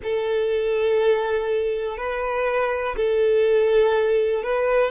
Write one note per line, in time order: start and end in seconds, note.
0.03 1.97 A4
1.97 2.95 B4
2.96 4.43 A4
4.43 4.91 B4